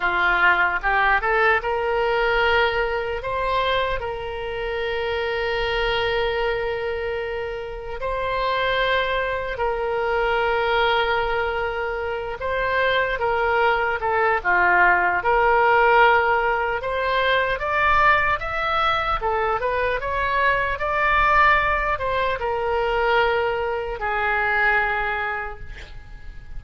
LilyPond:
\new Staff \with { instrumentName = "oboe" } { \time 4/4 \tempo 4 = 75 f'4 g'8 a'8 ais'2 | c''4 ais'2.~ | ais'2 c''2 | ais'2.~ ais'8 c''8~ |
c''8 ais'4 a'8 f'4 ais'4~ | ais'4 c''4 d''4 e''4 | a'8 b'8 cis''4 d''4. c''8 | ais'2 gis'2 | }